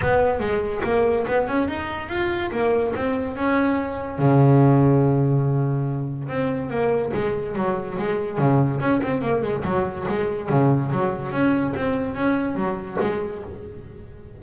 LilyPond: \new Staff \with { instrumentName = "double bass" } { \time 4/4 \tempo 4 = 143 b4 gis4 ais4 b8 cis'8 | dis'4 f'4 ais4 c'4 | cis'2 cis2~ | cis2. c'4 |
ais4 gis4 fis4 gis4 | cis4 cis'8 c'8 ais8 gis8 fis4 | gis4 cis4 fis4 cis'4 | c'4 cis'4 fis4 gis4 | }